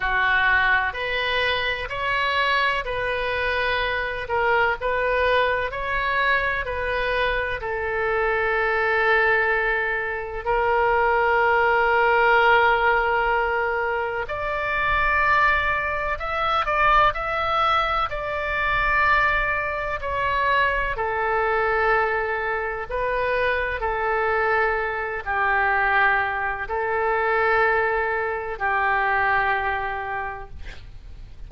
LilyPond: \new Staff \with { instrumentName = "oboe" } { \time 4/4 \tempo 4 = 63 fis'4 b'4 cis''4 b'4~ | b'8 ais'8 b'4 cis''4 b'4 | a'2. ais'4~ | ais'2. d''4~ |
d''4 e''8 d''8 e''4 d''4~ | d''4 cis''4 a'2 | b'4 a'4. g'4. | a'2 g'2 | }